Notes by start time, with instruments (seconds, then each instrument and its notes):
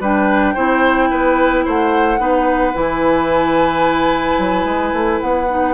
0.00 bassoon G3, clarinet D4, oboe B4, flute G5
0.54 bassoon C4, clarinet E4, oboe C5
1.10 bassoon B3, oboe B4
1.65 bassoon A3, oboe C5, flute F#5
2.18 bassoon B3, clarinet D#4, oboe B4
2.73 bassoon E3, clarinet E4, flute G#5
4.38 bassoon F#3
4.65 bassoon G#3
4.93 bassoon A3
5.20 bassoon B3, flute F#5
5.49 clarinet D#4